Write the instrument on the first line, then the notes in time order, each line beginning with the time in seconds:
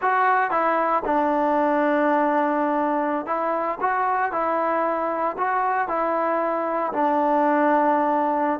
trombone
0.01 F#4
0.50 E4
1.05 D4
3.26 E4
3.80 F#4
4.32 E4
5.37 F#4
5.88 E4
6.92 D4